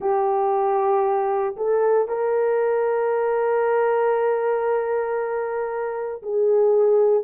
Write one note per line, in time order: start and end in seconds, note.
0.00 1.56 G4
1.56 2.08 A4
2.08 6.22 A#4
6.22 7.23 G#4